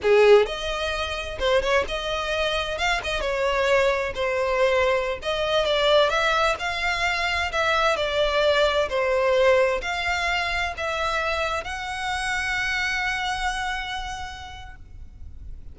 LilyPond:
\new Staff \with { instrumentName = "violin" } { \time 4/4 \tempo 4 = 130 gis'4 dis''2 c''8 cis''8 | dis''2 f''8 dis''8 cis''4~ | cis''4 c''2~ c''16 dis''8.~ | dis''16 d''4 e''4 f''4.~ f''16~ |
f''16 e''4 d''2 c''8.~ | c''4~ c''16 f''2 e''8.~ | e''4~ e''16 fis''2~ fis''8.~ | fis''1 | }